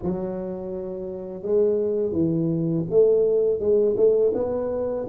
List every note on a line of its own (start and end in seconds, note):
0.02 1.42 F#3
1.42 2.12 G#3
2.12 2.85 E3
2.89 3.59 A3
3.59 3.95 G#3
3.96 4.32 A3
4.34 5.06 B3